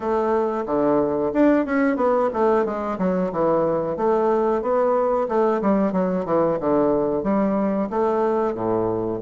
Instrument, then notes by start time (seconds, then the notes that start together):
bassoon
0.00 A3
0.66 D3
1.33 D4
1.65 C#4
1.96 B3
2.33 A3
2.65 G#3
2.98 F#3
3.32 E3
3.97 A3
4.62 B3
5.28 A3
5.61 G3
5.92 F#3
6.25 E3
6.60 D3
7.23 G3
7.89 A3
8.54 A2